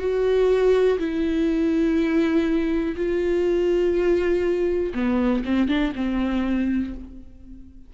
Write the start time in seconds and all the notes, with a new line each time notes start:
0.00 F#4
0.99 E4
2.96 F4
4.94 B3
5.45 C4
5.69 D4
5.96 C4